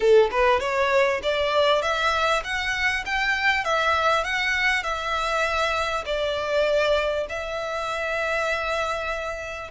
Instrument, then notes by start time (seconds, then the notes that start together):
violin
0.00 A4
0.31 B4
0.60 C#5
1.23 D5
1.82 E5
2.44 F#5
3.05 G5
3.64 E5
4.23 F#5
4.83 E5
6.05 D5
7.29 E5